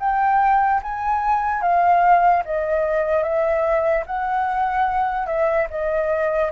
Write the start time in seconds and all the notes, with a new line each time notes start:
0.00 G5
0.83 G#5
1.62 F5
2.45 D#5
3.23 E5
4.06 F#5
5.26 E5
5.70 D#5